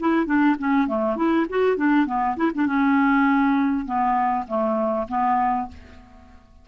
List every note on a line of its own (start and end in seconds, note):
0.00 0.26 E4
0.26 0.56 D4
0.59 0.88 C#4
0.88 1.16 A3
1.16 1.46 E4
1.50 1.77 F#4
1.77 2.06 D4
2.06 2.36 B3
2.37 2.52 E4
2.55 2.66 D4
2.66 3.86 C#4
3.86 4.46 B3
4.48 5.08 A3
5.08 5.68 B3